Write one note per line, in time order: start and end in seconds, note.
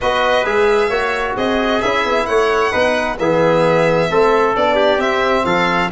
0.00 0.44 B3
0.00 0.45 F#4
0.00 0.89 B4
0.00 0.45 D#5
0.44 0.89 G#3
0.44 0.90 G#4
0.44 1.36 E5
0.89 1.35 A#3
0.89 1.82 F#4
0.89 1.34 C#5
1.36 1.82 C4
1.36 2.27 G#4
1.36 1.81 D#5
1.81 2.04 C#4
1.81 2.72 E4
1.81 2.26 E5
2.04 2.27 B3
2.26 2.73 A3
2.26 2.71 C#5
2.26 3.16 F#5
2.71 3.18 B3
2.71 3.17 D#4
2.71 3.17 B4
3.18 4.09 E3
3.18 4.10 B3
3.18 4.10 G#4
3.18 4.55 E5
4.10 4.55 A3
4.10 4.55 C4
4.10 4.75 A4
4.55 4.97 B3
4.55 4.99 D4
4.55 5.00 D5
4.75 5.43 G4
4.97 5.43 C4
4.97 5.90 C4
4.97 5.45 E5
5.45 5.90 F3
5.45 5.91 A4
5.45 5.90 F5